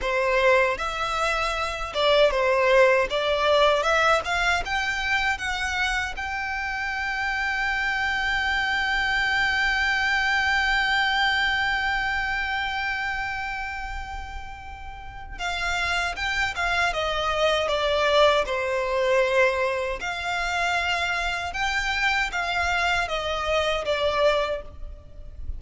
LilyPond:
\new Staff \with { instrumentName = "violin" } { \time 4/4 \tempo 4 = 78 c''4 e''4. d''8 c''4 | d''4 e''8 f''8 g''4 fis''4 | g''1~ | g''1~ |
g''1 | f''4 g''8 f''8 dis''4 d''4 | c''2 f''2 | g''4 f''4 dis''4 d''4 | }